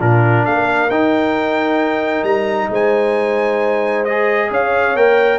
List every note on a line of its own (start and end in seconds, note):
0.00 0.46 A#2
0.00 0.90 D4
0.00 0.45 F4
0.00 0.46 A#4
0.46 0.90 A#3
0.46 2.71 A#4
0.46 0.90 F5
0.90 2.24 D#4
0.90 4.08 D#4
0.90 2.24 G5
2.24 2.69 G3
2.24 2.69 A#5
2.70 4.50 G#3
2.70 4.51 C5
2.70 4.05 G#5
4.05 4.97 G#4
4.05 4.50 D#5
4.51 4.95 C#4
4.51 5.39 C#5
4.51 4.97 F5
4.95 5.39 A#3
4.95 5.39 A#4
4.95 5.39 G5